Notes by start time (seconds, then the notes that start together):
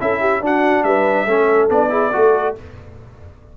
0.00 C#4 E4 A4 E5
0.21 G4
0.41 D4 F#4 F#5
0.84 G3 B4 E5
1.27 A3 C#4 A4
1.70 B3 D4 D5
1.90 E4 G#4
2.13 A3 F#4 A4